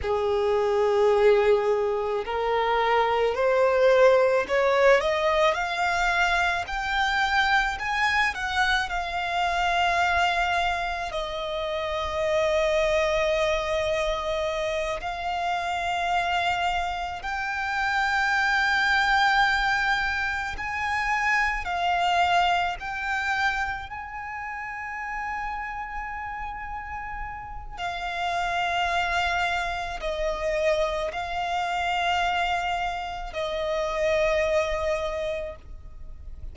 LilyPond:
\new Staff \with { instrumentName = "violin" } { \time 4/4 \tempo 4 = 54 gis'2 ais'4 c''4 | cis''8 dis''8 f''4 g''4 gis''8 fis''8 | f''2 dis''2~ | dis''4. f''2 g''8~ |
g''2~ g''8 gis''4 f''8~ | f''8 g''4 gis''2~ gis''8~ | gis''4 f''2 dis''4 | f''2 dis''2 | }